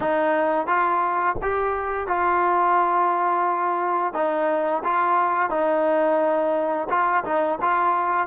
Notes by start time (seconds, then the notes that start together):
0.00 D#4
0.66 F4
1.41 G4
2.07 F4
4.13 D#4
4.83 F4
5.50 D#4
6.89 F4
7.24 D#4
7.61 F4